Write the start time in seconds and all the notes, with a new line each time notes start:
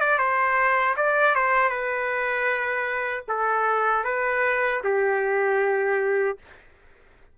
0.00 D5
0.18 C5
0.96 D5
1.35 C5
1.69 B4
3.28 A4
4.04 B4
4.84 G4